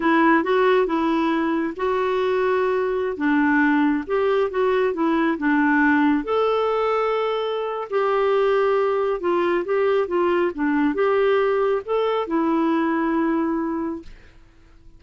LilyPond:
\new Staff \with { instrumentName = "clarinet" } { \time 4/4 \tempo 4 = 137 e'4 fis'4 e'2 | fis'2.~ fis'16 d'8.~ | d'4~ d'16 g'4 fis'4 e'8.~ | e'16 d'2 a'4.~ a'16~ |
a'2 g'2~ | g'4 f'4 g'4 f'4 | d'4 g'2 a'4 | e'1 | }